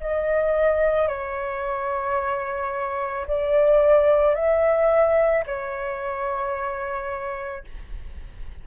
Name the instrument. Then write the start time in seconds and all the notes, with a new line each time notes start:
flute
0.00 D#5
1.08 C#5
3.27 D5
4.35 E5
5.46 C#5